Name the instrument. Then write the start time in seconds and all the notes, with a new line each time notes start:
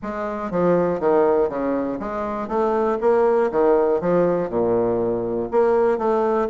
bassoon
0.02 G#3
0.50 F3
1.00 D#3
1.49 C#3
1.99 G#3
2.48 A3
3.00 A#3
3.51 D#3
4.00 F3
4.49 A#2
5.51 A#3
5.97 A3